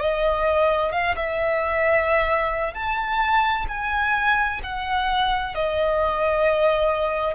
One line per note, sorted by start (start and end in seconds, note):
0.00 0.92 D#5
0.92 1.15 F5
1.17 2.74 E5
2.74 3.66 A5
3.69 4.61 G#5
4.64 5.55 F#5
5.55 7.35 D#5